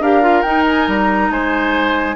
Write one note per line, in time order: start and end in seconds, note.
0.00 0.43 D4
0.00 0.23 G4
0.00 1.31 A#4
0.00 0.43 F5
0.23 0.44 F4
0.43 0.88 D#4
0.43 2.16 D#4
0.43 0.64 G5
0.68 0.89 G#5
0.88 1.30 G3
0.88 1.32 A#5
1.30 2.16 G#3
1.30 2.16 C5
1.30 2.16 G#5